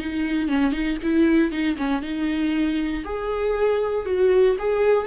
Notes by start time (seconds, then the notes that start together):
0.00 D#4
0.49 C#4
0.72 D#4
1.03 E4
1.52 D#4
1.78 C#4
2.02 D#4
3.05 G#4
4.06 F#4
4.59 G#4